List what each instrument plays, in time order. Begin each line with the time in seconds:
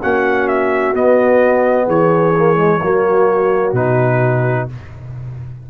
0.00 tuba A#3, trombone C#4, horn F#4, trumpet F#5
0.48 trumpet E5
0.94 tuba B3, trombone B3, trumpet D#5
1.85 tuba E3, horn G#4, trumpet C#5
2.37 trombone A#3
2.56 trombone G#3
2.81 tuba F#3, trombone A#3, horn F#4
3.72 tuba B2, trombone D#4, trumpet B4